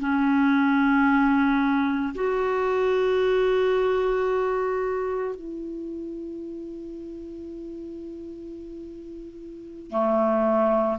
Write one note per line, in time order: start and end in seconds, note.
0.00 2.14 C#4
2.15 5.36 F#4
5.36 9.91 E4
9.91 10.98 A3